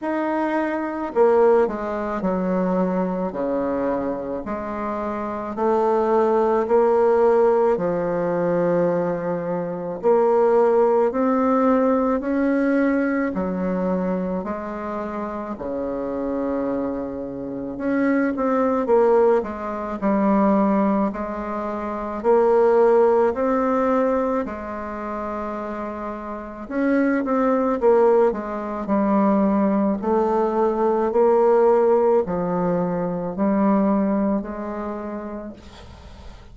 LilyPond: \new Staff \with { instrumentName = "bassoon" } { \time 4/4 \tempo 4 = 54 dis'4 ais8 gis8 fis4 cis4 | gis4 a4 ais4 f4~ | f4 ais4 c'4 cis'4 | fis4 gis4 cis2 |
cis'8 c'8 ais8 gis8 g4 gis4 | ais4 c'4 gis2 | cis'8 c'8 ais8 gis8 g4 a4 | ais4 f4 g4 gis4 | }